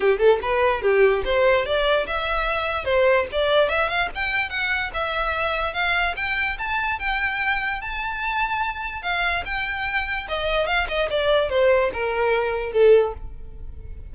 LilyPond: \new Staff \with { instrumentName = "violin" } { \time 4/4 \tempo 4 = 146 g'8 a'8 b'4 g'4 c''4 | d''4 e''2 c''4 | d''4 e''8 f''8 g''4 fis''4 | e''2 f''4 g''4 |
a''4 g''2 a''4~ | a''2 f''4 g''4~ | g''4 dis''4 f''8 dis''8 d''4 | c''4 ais'2 a'4 | }